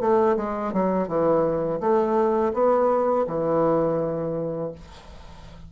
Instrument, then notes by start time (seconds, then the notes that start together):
bassoon
0.00 A3
0.37 G#3
0.73 F#3
1.07 E3
1.80 A3
2.53 B3
3.27 E3